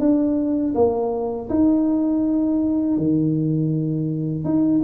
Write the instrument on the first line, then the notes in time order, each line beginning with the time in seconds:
tuba
0.00 D4
0.75 A#3
1.50 D#4
2.97 D#3
4.44 D#4